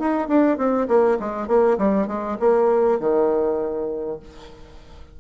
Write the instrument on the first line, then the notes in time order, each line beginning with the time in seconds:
bassoon
0.00 D#4
0.29 D4
0.58 C4
0.89 A#3
1.20 G#3
1.48 A#3
1.79 G3
2.08 G#3
2.40 A#3
3.00 D#3